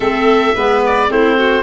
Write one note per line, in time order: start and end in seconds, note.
0.00 0.54 A3
0.00 0.54 C4
0.00 0.54 A4
0.00 0.81 E5
0.54 1.10 G#3
0.54 1.08 B3
0.54 1.09 B4
0.86 1.11 D5
1.08 1.63 A3
1.08 1.63 C4
1.08 1.38 E4
1.08 1.63 C5
1.38 1.63 F#4